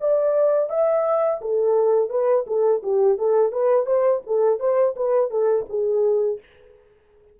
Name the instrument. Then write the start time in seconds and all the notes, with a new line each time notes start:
horn
0.00 D5
0.70 E5
1.41 A4
2.10 B4
2.46 A4
2.83 G4
3.18 A4
3.52 B4
3.86 C5
4.26 A4
4.59 C5
4.96 B4
5.30 A4
5.69 G#4